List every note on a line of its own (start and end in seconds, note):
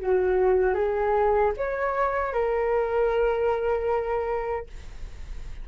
0.00 0.74 F#4
0.74 1.52 G#4
1.57 2.33 C#5
2.33 4.67 A#4